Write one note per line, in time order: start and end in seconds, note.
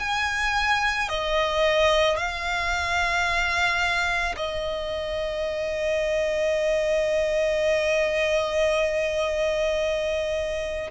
0.00 1.09 G#5
1.09 2.17 D#5
2.17 4.35 F5
4.36 10.91 D#5